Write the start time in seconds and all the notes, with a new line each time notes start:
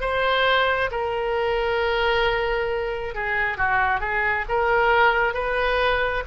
0.00 C5
0.91 A#4
3.14 G#4
3.57 F#4
4.00 G#4
4.48 A#4
5.33 B4